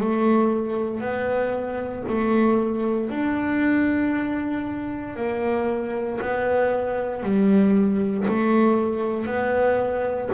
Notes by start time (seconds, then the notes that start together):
0.00 A3
1.00 B3
2.08 A3
3.10 D4
5.16 A#3
6.21 B3
7.23 G3
8.28 A3
9.26 B3